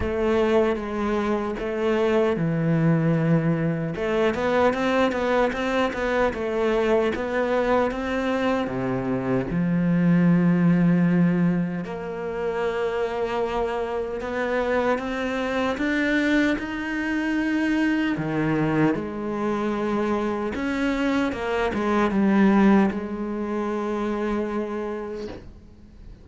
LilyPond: \new Staff \with { instrumentName = "cello" } { \time 4/4 \tempo 4 = 76 a4 gis4 a4 e4~ | e4 a8 b8 c'8 b8 c'8 b8 | a4 b4 c'4 c4 | f2. ais4~ |
ais2 b4 c'4 | d'4 dis'2 dis4 | gis2 cis'4 ais8 gis8 | g4 gis2. | }